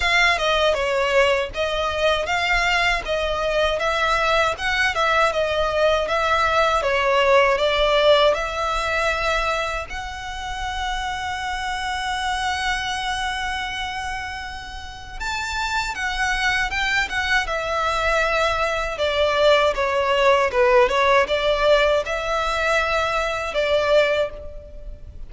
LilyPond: \new Staff \with { instrumentName = "violin" } { \time 4/4 \tempo 4 = 79 f''8 dis''8 cis''4 dis''4 f''4 | dis''4 e''4 fis''8 e''8 dis''4 | e''4 cis''4 d''4 e''4~ | e''4 fis''2.~ |
fis''1 | a''4 fis''4 g''8 fis''8 e''4~ | e''4 d''4 cis''4 b'8 cis''8 | d''4 e''2 d''4 | }